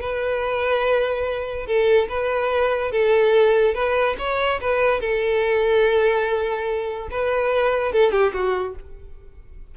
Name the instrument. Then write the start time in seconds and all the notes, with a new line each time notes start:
violin
0.00 B4
1.66 A4
2.09 B4
2.91 A4
3.74 B4
4.18 C#5
4.60 B4
5.00 A4
7.10 B4
7.92 A4
8.11 G4
8.33 F#4